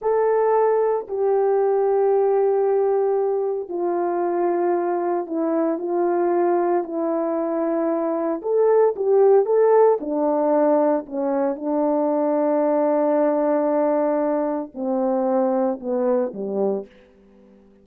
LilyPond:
\new Staff \with { instrumentName = "horn" } { \time 4/4 \tempo 4 = 114 a'2 g'2~ | g'2. f'4~ | f'2 e'4 f'4~ | f'4 e'2. |
a'4 g'4 a'4 d'4~ | d'4 cis'4 d'2~ | d'1 | c'2 b4 g4 | }